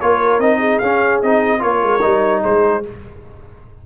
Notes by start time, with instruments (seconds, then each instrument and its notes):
0.00 tuba A#3, trombone F4, horn A#4, trumpet C#5
0.39 tuba C4, trombone D#4, trumpet D#5
0.58 horn G#4
0.78 tuba C#4, trombone C#4, trumpet F5
1.22 tuba C4, trombone D#4, trumpet D#5
1.59 tuba A#3, trombone F4, horn A#4, trumpet C#5
1.83 tuba G#3
2.02 tuba G3, trombone D#4
2.42 tuba G#3, horn G#4, trumpet C5